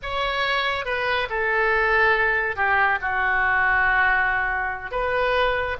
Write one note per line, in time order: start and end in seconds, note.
0.02 0.85 C#5
0.85 1.28 B4
1.29 2.56 A4
2.56 2.99 G4
3.01 4.91 F#4
4.91 5.76 B4